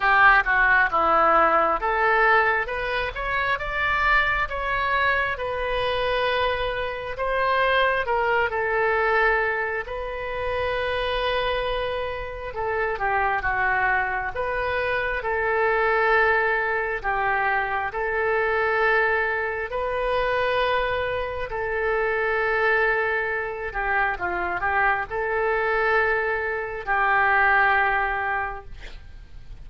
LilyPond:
\new Staff \with { instrumentName = "oboe" } { \time 4/4 \tempo 4 = 67 g'8 fis'8 e'4 a'4 b'8 cis''8 | d''4 cis''4 b'2 | c''4 ais'8 a'4. b'4~ | b'2 a'8 g'8 fis'4 |
b'4 a'2 g'4 | a'2 b'2 | a'2~ a'8 g'8 f'8 g'8 | a'2 g'2 | }